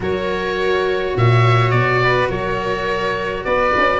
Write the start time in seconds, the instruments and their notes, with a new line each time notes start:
0.00 tuba F#3, cello F#4, viola A#4, oboe C#5
1.16 tuba A#2, viola C#5, oboe E5
1.70 tuba B2, oboe D5
2.03 viola B4
2.29 tuba F#3, viola A#4, oboe C#5
3.44 tuba B3, viola B4, oboe D5
3.77 tuba C#4